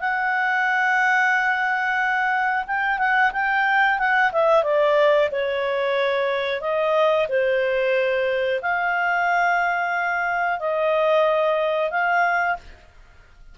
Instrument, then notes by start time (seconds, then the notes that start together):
clarinet
0.00 F#5
2.66 G5
2.98 F#5
3.32 G5
3.98 F#5
4.32 E5
4.63 D5
5.31 C#5
6.61 D#5
7.28 C5
8.61 F5
10.59 D#5
11.90 F5